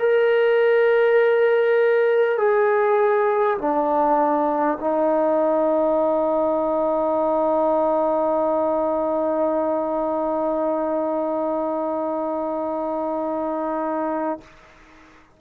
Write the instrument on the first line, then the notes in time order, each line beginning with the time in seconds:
trombone
0.00 A#4
2.38 G#4
3.59 D4
4.81 D#4